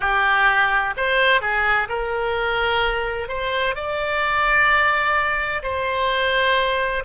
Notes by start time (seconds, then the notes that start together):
0.00 G4
0.96 C5
1.41 G#4
1.88 A#4
3.28 C5
3.75 D5
5.62 C5